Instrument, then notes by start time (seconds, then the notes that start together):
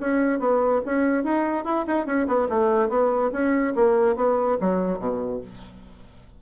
bassoon
0.00 C#4
0.39 B3
0.85 C#4
1.24 D#4
1.64 E4
1.87 D#4
2.06 C#4
2.27 B3
2.49 A3
2.89 B3
3.32 C#4
3.75 A#3
4.16 B3
4.61 F#3
4.99 B2